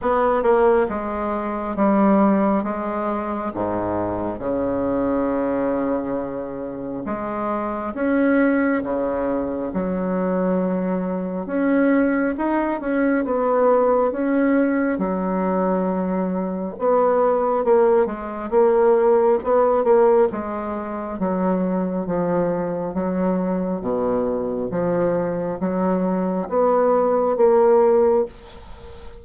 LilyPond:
\new Staff \with { instrumentName = "bassoon" } { \time 4/4 \tempo 4 = 68 b8 ais8 gis4 g4 gis4 | gis,4 cis2. | gis4 cis'4 cis4 fis4~ | fis4 cis'4 dis'8 cis'8 b4 |
cis'4 fis2 b4 | ais8 gis8 ais4 b8 ais8 gis4 | fis4 f4 fis4 b,4 | f4 fis4 b4 ais4 | }